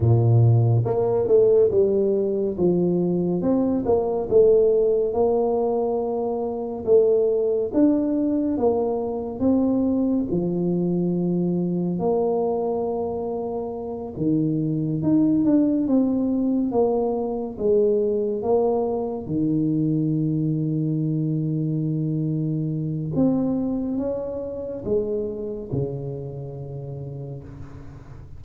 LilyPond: \new Staff \with { instrumentName = "tuba" } { \time 4/4 \tempo 4 = 70 ais,4 ais8 a8 g4 f4 | c'8 ais8 a4 ais2 | a4 d'4 ais4 c'4 | f2 ais2~ |
ais8 dis4 dis'8 d'8 c'4 ais8~ | ais8 gis4 ais4 dis4.~ | dis2. c'4 | cis'4 gis4 cis2 | }